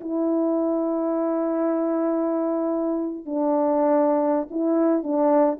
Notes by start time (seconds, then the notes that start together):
0.00 E4
3.25 D4
4.50 E4
5.03 D4